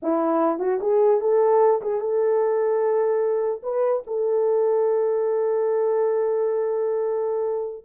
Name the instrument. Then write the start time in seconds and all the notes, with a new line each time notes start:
horn
0.02 E4
0.59 F#4
0.80 G#4
1.20 A4
1.81 G#4
2.00 A4
3.62 B4
4.06 A4